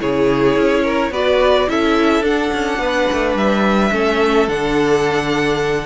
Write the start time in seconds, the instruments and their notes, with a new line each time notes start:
0.00 cello C#3, viola E4, violin G#4 C#5
0.57 cello C#4
0.84 violin A#4
1.11 cello B3, viola F#4, violin B4 D5
1.68 cello C#4, viola E4, violin A4 E5
2.21 cello D4, viola D4, violin F#5
2.53 cello C#4
2.79 cello B3, violin B4
3.12 cello A3
3.35 cello G3, violin E5
3.91 cello A3, viola C#4, violin A4
4.48 cello D3, viola D4, violin F#5